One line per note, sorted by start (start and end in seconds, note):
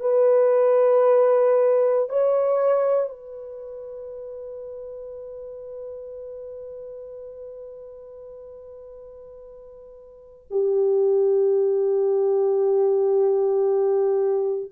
0.00 2.09 B4
2.09 3.10 C#5
3.10 10.46 B4
10.50 14.71 G4